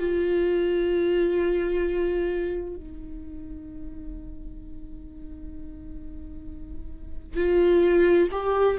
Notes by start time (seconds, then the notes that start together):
0.00 F4
2.77 D#4
7.37 F4
8.32 G4